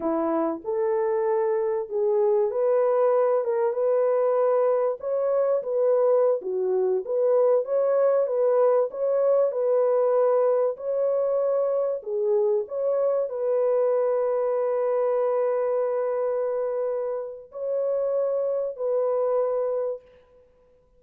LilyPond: \new Staff \with { instrumentName = "horn" } { \time 4/4 \tempo 4 = 96 e'4 a'2 gis'4 | b'4. ais'8 b'2 | cis''4 b'4~ b'16 fis'4 b'8.~ | b'16 cis''4 b'4 cis''4 b'8.~ |
b'4~ b'16 cis''2 gis'8.~ | gis'16 cis''4 b'2~ b'8.~ | b'1 | cis''2 b'2 | }